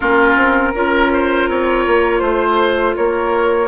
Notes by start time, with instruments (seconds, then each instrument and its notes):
0.00 bassoon A#3, clarinet C#4, oboe F4, flute A#4
0.35 bassoon C4
0.74 bassoon C#4, clarinet F4, oboe A#4
1.13 oboe C5
1.48 bassoon C4, oboe C#5
1.86 bassoon A#3
2.19 bassoon A3, flute C5, oboe C5
2.96 bassoon A#3, oboe A#4, flute C#5